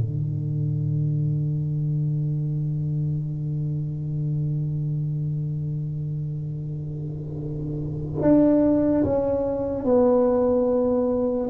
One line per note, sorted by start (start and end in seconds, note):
0.00 8.22 D3
8.22 9.04 D4
9.04 9.84 C#4
9.84 11.49 B3